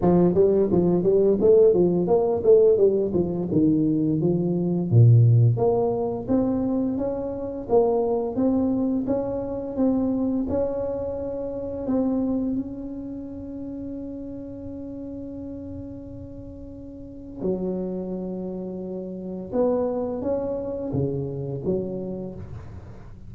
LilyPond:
\new Staff \with { instrumentName = "tuba" } { \time 4/4 \tempo 4 = 86 f8 g8 f8 g8 a8 f8 ais8 a8 | g8 f8 dis4 f4 ais,4 | ais4 c'4 cis'4 ais4 | c'4 cis'4 c'4 cis'4~ |
cis'4 c'4 cis'2~ | cis'1~ | cis'4 fis2. | b4 cis'4 cis4 fis4 | }